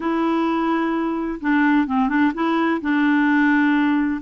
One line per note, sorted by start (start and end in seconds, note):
0.00 1.39 E4
1.40 1.86 D4
1.86 2.08 C4
2.08 2.32 D4
2.34 2.80 E4
2.81 4.21 D4